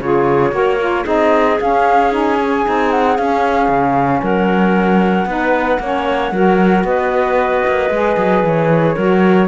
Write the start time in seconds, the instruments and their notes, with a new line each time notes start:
0.00 cello C#3, saxophone F4, clarinet G#4, flute C#5
0.52 cello A#3, saxophone F#4, clarinet A#4
0.79 saxophone F4
1.04 cello C4, saxophone D#4, clarinet G#4, flute D#5
1.61 saxophone C#4, cello C#4, flute F5
2.12 saxophone D#4, flute G#5
2.40 saxophone C#4
2.65 cello C4, saxophone D#4
2.91 flute F#5
3.17 saxophone C#4, cello C#4, flute F5
3.68 cello C#3
4.23 cello F#3, clarinet A#4, flute F#5
5.26 cello B3, saxophone D#4, clarinet B4
5.80 cello A#3, saxophone C#4, clarinet C#5
6.32 cello F#3, saxophone F#4, clarinet A#4
6.84 cello B3, clarinet B4, flute D#5
7.67 cello A#3
7.90 cello G#3, saxophone G#4
8.17 cello F#3
8.43 cello E3, flute C#5
8.95 cello F#3, saxophone F#4, clarinet A#4